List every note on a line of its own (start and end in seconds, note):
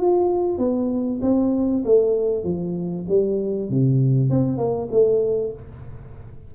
0.00 0.58 F4
0.58 1.20 B3
1.22 1.84 C4
1.85 2.44 A3
2.44 3.06 F3
3.09 3.70 G3
3.70 4.30 C3
4.30 4.58 C4
4.58 4.89 A#3
4.91 5.53 A3